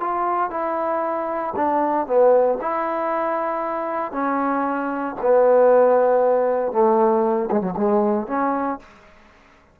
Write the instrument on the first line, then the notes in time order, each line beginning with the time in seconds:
trombone
0.00 F4
0.50 E4
1.56 D4
2.06 B3
2.61 E4
4.12 C#4
5.21 B3
6.72 A3
7.51 G#3
7.61 F#3
7.77 G#3
8.27 C#4